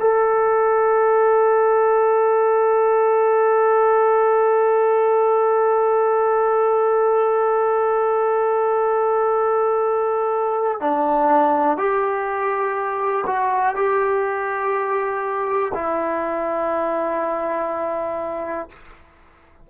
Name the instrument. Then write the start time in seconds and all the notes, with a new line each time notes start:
trombone
0.00 A4
10.80 D4
11.77 G4
13.27 F#4
13.76 G4
15.74 E4